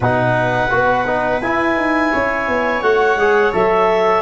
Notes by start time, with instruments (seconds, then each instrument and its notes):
0.00 tuba B2, trombone D#4, viola B4, clarinet F#5
0.70 tuba B3, trombone F#4
1.06 trombone D#4
1.41 tuba E4, trombone E4, clarinet G#5
1.76 tuba D#4
2.11 tuba C#4, viola C#5
2.48 tuba B3
2.81 tuba A3, trombone F#4, clarinet F#5
3.16 tuba G#3, trombone G#4
3.52 tuba F#3, trombone A4, clarinet E5